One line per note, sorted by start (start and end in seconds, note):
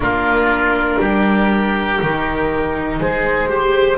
0.00 0.97 A#3
0.00 1.99 D4
0.00 1.00 F4
0.00 2.99 A#4
0.99 1.99 G3
0.99 3.00 G4
2.01 3.00 D#3
2.01 3.48 D#4
3.00 3.97 G#3
3.00 3.49 G#4
3.00 3.97 C5
3.48 3.97 G4
3.48 3.97 C5